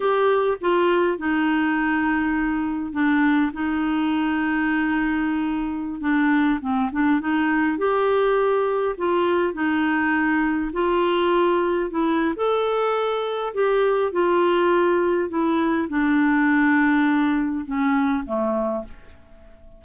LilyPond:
\new Staff \with { instrumentName = "clarinet" } { \time 4/4 \tempo 4 = 102 g'4 f'4 dis'2~ | dis'4 d'4 dis'2~ | dis'2~ dis'16 d'4 c'8 d'16~ | d'16 dis'4 g'2 f'8.~ |
f'16 dis'2 f'4.~ f'16~ | f'16 e'8. a'2 g'4 | f'2 e'4 d'4~ | d'2 cis'4 a4 | }